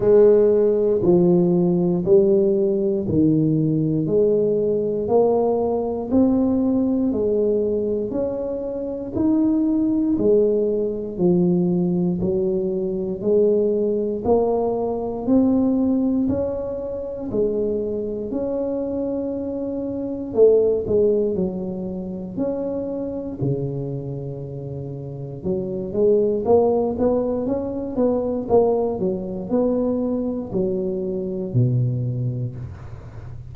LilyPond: \new Staff \with { instrumentName = "tuba" } { \time 4/4 \tempo 4 = 59 gis4 f4 g4 dis4 | gis4 ais4 c'4 gis4 | cis'4 dis'4 gis4 f4 | fis4 gis4 ais4 c'4 |
cis'4 gis4 cis'2 | a8 gis8 fis4 cis'4 cis4~ | cis4 fis8 gis8 ais8 b8 cis'8 b8 | ais8 fis8 b4 fis4 b,4 | }